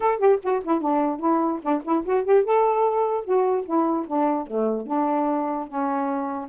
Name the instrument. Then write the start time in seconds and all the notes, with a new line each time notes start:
saxophone
0.00 A4
0.18 G4
0.42 F#4
0.64 E4
0.81 D4
1.19 E4
1.62 D4
1.84 E4
2.05 F#4
2.24 G4
2.44 A4
3.24 F#4
3.65 E4
4.07 D4
4.46 A3
4.86 D4
5.67 C#4